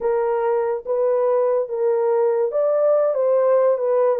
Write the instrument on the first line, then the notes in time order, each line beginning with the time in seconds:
horn
0.00 A#4
0.85 B4
1.68 A#4
2.51 D5
3.14 C5
3.77 B4